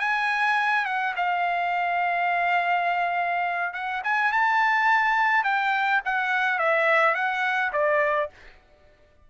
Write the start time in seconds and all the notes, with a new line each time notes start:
0.00 G#5
0.86 F#5
1.16 F5
3.74 F#5
4.04 G#5
4.32 A5
5.44 G5
6.05 F#5
6.59 E5
7.15 F#5
7.73 D5